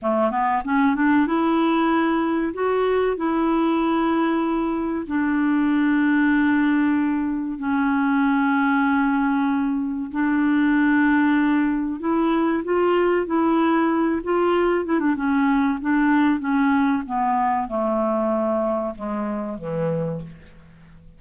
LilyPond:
\new Staff \with { instrumentName = "clarinet" } { \time 4/4 \tempo 4 = 95 a8 b8 cis'8 d'8 e'2 | fis'4 e'2. | d'1 | cis'1 |
d'2. e'4 | f'4 e'4. f'4 e'16 d'16 | cis'4 d'4 cis'4 b4 | a2 gis4 e4 | }